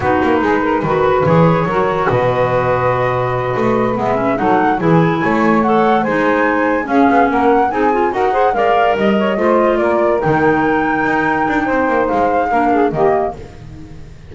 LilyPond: <<
  \new Staff \with { instrumentName = "flute" } { \time 4/4 \tempo 4 = 144 b'2. cis''4~ | cis''4 dis''2.~ | dis''4. e''4 fis''4 gis''8~ | gis''4. fis''4 gis''4.~ |
gis''8 f''4 fis''4 gis''4 fis''8~ | fis''8 f''4 dis''2 d''8~ | d''8 g''2.~ g''8~ | g''4 f''2 dis''4 | }
  \new Staff \with { instrumentName = "saxophone" } { \time 4/4 fis'4 gis'8 ais'8 b'2 | ais'4 b'2.~ | b'2~ b'8 a'4 gis'8~ | gis'8 cis''2 c''4.~ |
c''8 gis'4 ais'4 gis'4 ais'8 | c''8 d''4 dis''8 cis''8 c''4 ais'8~ | ais'1 | c''2 ais'8 gis'8 g'4 | }
  \new Staff \with { instrumentName = "clarinet" } { \time 4/4 dis'2 fis'4 gis'4 | fis'1~ | fis'4. b8 cis'8 dis'4 e'8~ | e'4. a'4 dis'4.~ |
dis'8 cis'2 dis'8 f'8 fis'8 | gis'8 ais'2 f'4.~ | f'8 dis'2.~ dis'8~ | dis'2 d'4 ais4 | }
  \new Staff \with { instrumentName = "double bass" } { \time 4/4 b8 ais8 gis4 dis4 e4 | fis4 b,2.~ | b,8 a4 gis4 fis4 e8~ | e8 a2 gis4.~ |
gis8 cis'8 b8 ais4 c'4 dis'8~ | dis'8 gis4 g4 a4 ais8~ | ais8 dis2 dis'4 d'8 | c'8 ais8 gis4 ais4 dis4 | }
>>